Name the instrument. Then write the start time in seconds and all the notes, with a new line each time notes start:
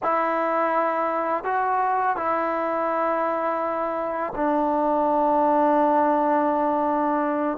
trombone
0.02 E4
1.44 F#4
2.16 E4
4.35 D4